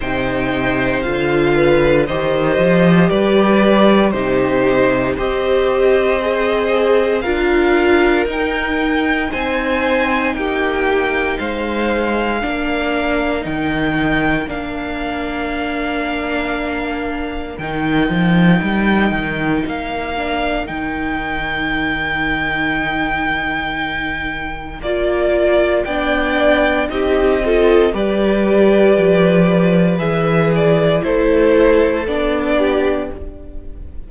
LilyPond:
<<
  \new Staff \with { instrumentName = "violin" } { \time 4/4 \tempo 4 = 58 g''4 f''4 dis''4 d''4 | c''4 dis''2 f''4 | g''4 gis''4 g''4 f''4~ | f''4 g''4 f''2~ |
f''4 g''2 f''4 | g''1 | d''4 g''4 dis''4 d''4~ | d''4 e''8 d''8 c''4 d''4 | }
  \new Staff \with { instrumentName = "violin" } { \time 4/4 c''4. b'8 c''4 b'4 | g'4 c''2 ais'4~ | ais'4 c''4 g'4 c''4 | ais'1~ |
ais'1~ | ais'1~ | ais'4 d''4 g'8 a'8 b'4~ | b'2 a'4. g'8 | }
  \new Staff \with { instrumentName = "viola" } { \time 4/4 dis'4 f'4 g'2 | dis'4 g'4 gis'4 f'4 | dis'1 | d'4 dis'4 d'2~ |
d'4 dis'2~ dis'8 d'8 | dis'1 | f'4 d'4 dis'8 f'8 g'4~ | g'4 gis'4 e'4 d'4 | }
  \new Staff \with { instrumentName = "cello" } { \time 4/4 c4 d4 dis8 f8 g4 | c4 c'2 d'4 | dis'4 c'4 ais4 gis4 | ais4 dis4 ais2~ |
ais4 dis8 f8 g8 dis8 ais4 | dis1 | ais4 b4 c'4 g4 | f4 e4 a4 b4 | }
>>